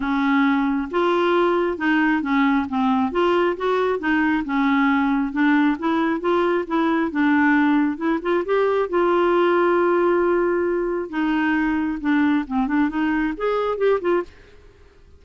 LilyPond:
\new Staff \with { instrumentName = "clarinet" } { \time 4/4 \tempo 4 = 135 cis'2 f'2 | dis'4 cis'4 c'4 f'4 | fis'4 dis'4 cis'2 | d'4 e'4 f'4 e'4 |
d'2 e'8 f'8 g'4 | f'1~ | f'4 dis'2 d'4 | c'8 d'8 dis'4 gis'4 g'8 f'8 | }